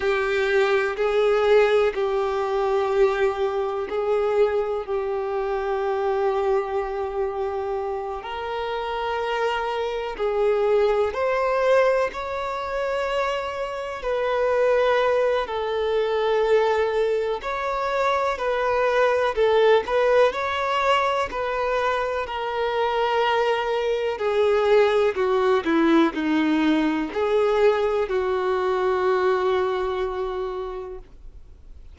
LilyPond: \new Staff \with { instrumentName = "violin" } { \time 4/4 \tempo 4 = 62 g'4 gis'4 g'2 | gis'4 g'2.~ | g'8 ais'2 gis'4 c''8~ | c''8 cis''2 b'4. |
a'2 cis''4 b'4 | a'8 b'8 cis''4 b'4 ais'4~ | ais'4 gis'4 fis'8 e'8 dis'4 | gis'4 fis'2. | }